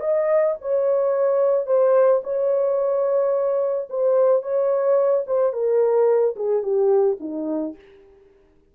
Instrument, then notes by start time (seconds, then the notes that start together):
horn
0.00 D#5
0.61 C#5
1.66 C5
2.23 C#5
3.90 C5
4.42 C#5
5.26 C5
5.52 A#4
6.36 G#4
6.63 G4
7.20 D#4